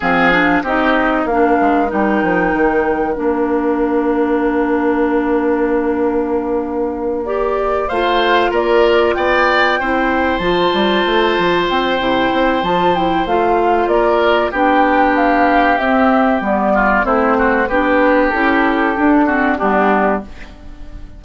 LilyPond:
<<
  \new Staff \with { instrumentName = "flute" } { \time 4/4 \tempo 4 = 95 f''4 dis''4 f''4 g''4~ | g''4 f''2.~ | f''2.~ f''8 d''8~ | d''8 f''4 d''4 g''4.~ |
g''8 a''2 g''4. | a''8 g''8 f''4 d''4 g''4 | f''4 e''4 d''4 c''4 | b'4 a'2 g'4 | }
  \new Staff \with { instrumentName = "oboe" } { \time 4/4 gis'4 g'4 ais'2~ | ais'1~ | ais'1~ | ais'8 c''4 ais'4 d''4 c''8~ |
c''1~ | c''2 ais'4 g'4~ | g'2~ g'8 f'8 e'8 fis'8 | g'2~ g'8 fis'8 d'4 | }
  \new Staff \with { instrumentName = "clarinet" } { \time 4/4 c'8 d'8 dis'4 d'4 dis'4~ | dis'4 d'2.~ | d'2.~ d'8 g'8~ | g'8 f'2. e'8~ |
e'8 f'2~ f'8 e'4 | f'8 e'8 f'2 d'4~ | d'4 c'4 b4 c'4 | d'4 e'4 d'8 c'8 b4 | }
  \new Staff \with { instrumentName = "bassoon" } { \time 4/4 f4 c'4 ais8 gis8 g8 f8 | dis4 ais2.~ | ais1~ | ais8 a4 ais4 b4 c'8~ |
c'8 f8 g8 a8 f8 c'8 c8 c'8 | f4 a4 ais4 b4~ | b4 c'4 g4 a4 | b4 cis'4 d'4 g4 | }
>>